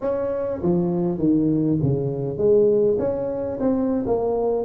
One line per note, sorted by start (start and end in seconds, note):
0.01 0.61 C#4
0.62 1.18 F3
1.18 1.78 D#3
1.82 2.37 C#3
2.37 2.97 G#3
2.98 3.58 C#4
3.60 4.05 C4
4.06 4.65 A#3